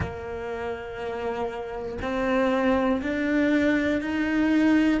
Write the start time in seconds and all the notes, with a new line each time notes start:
0.00 A#3
2.01 C4
3.02 D4
4.00 D#4